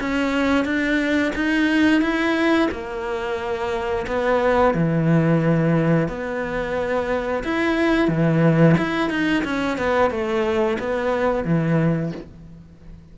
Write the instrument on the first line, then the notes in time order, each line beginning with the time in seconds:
cello
0.00 C#4
0.65 D4
1.35 D#4
2.01 E4
2.71 A#3
4.07 B3
4.74 E3
6.08 B3
7.44 E4
8.08 E3
8.77 E4
9.09 D#4
9.44 C#4
9.77 B3
10.10 A3
10.79 B3
11.44 E3